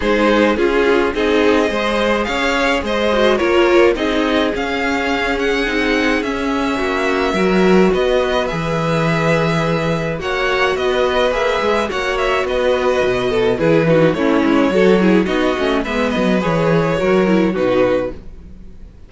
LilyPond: <<
  \new Staff \with { instrumentName = "violin" } { \time 4/4 \tempo 4 = 106 c''4 gis'4 dis''2 | f''4 dis''4 cis''4 dis''4 | f''4. fis''4. e''4~ | e''2 dis''4 e''4~ |
e''2 fis''4 dis''4 | e''4 fis''8 e''8 dis''2 | b'4 cis''2 dis''4 | e''8 dis''8 cis''2 b'4 | }
  \new Staff \with { instrumentName = "violin" } { \time 4/4 gis'4 f'4 gis'4 c''4 | cis''4 c''4 ais'4 gis'4~ | gis'1 | fis'4 ais'4 b'2~ |
b'2 cis''4 b'4~ | b'4 cis''4 b'4. a'8 | gis'8 fis'8 e'4 a'8 gis'8 fis'4 | b'2 ais'4 fis'4 | }
  \new Staff \with { instrumentName = "viola" } { \time 4/4 dis'4 f'4 dis'4 gis'4~ | gis'4. fis'8 f'4 dis'4 | cis'2 dis'4 cis'4~ | cis'4 fis'2 gis'4~ |
gis'2 fis'2 | gis'4 fis'2. | e'8 dis'8 cis'4 fis'8 e'8 dis'8 cis'8 | b4 gis'4 fis'8 e'8 dis'4 | }
  \new Staff \with { instrumentName = "cello" } { \time 4/4 gis4 cis'4 c'4 gis4 | cis'4 gis4 ais4 c'4 | cis'2 c'4 cis'4 | ais4 fis4 b4 e4~ |
e2 ais4 b4 | ais8 gis8 ais4 b4 b,4 | e4 a8 gis8 fis4 b8 a8 | gis8 fis8 e4 fis4 b,4 | }
>>